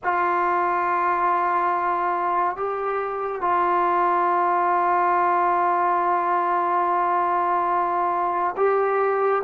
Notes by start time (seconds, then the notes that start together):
0.03 F4
2.56 G4
3.41 F4
8.56 G4